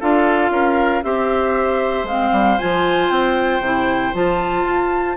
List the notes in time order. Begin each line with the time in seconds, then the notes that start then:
0.00 D4 F4 A4 F5
0.50 C#4 A#4
1.03 C4 G4 C5 E5
2.04 G#3 F5
2.10 C4
2.32 G3
2.59 F3 F4 G#5
3.10 C4 G5
3.60 C3 E4
4.13 F3 F4 A5
4.64 F4